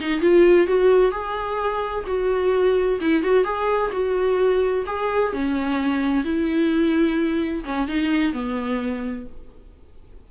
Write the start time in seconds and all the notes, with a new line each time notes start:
0.00 D#4
0.21 F4
0.67 F#4
1.11 G#4
2.07 F#4
3.01 E4
3.23 F#4
3.44 G#4
3.92 F#4
4.86 G#4
5.33 C#4
6.24 E4
7.65 C#4
7.88 D#4
8.33 B3